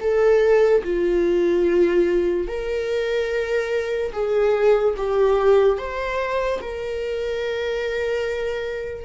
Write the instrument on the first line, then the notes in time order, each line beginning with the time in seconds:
viola
0.00 A4
0.83 F4
2.47 A#4
4.12 G#4
4.97 G4
5.78 C5
6.61 A#4